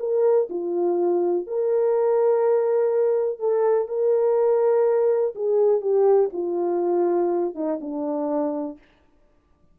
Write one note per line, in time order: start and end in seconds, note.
0.00 0.49 A#4
0.50 1.47 F4
1.47 3.39 A#4
3.39 3.88 A4
3.88 5.34 A#4
5.35 5.81 G#4
5.81 6.30 G4
6.33 7.55 F4
7.55 7.79 D#4
7.81 8.78 D4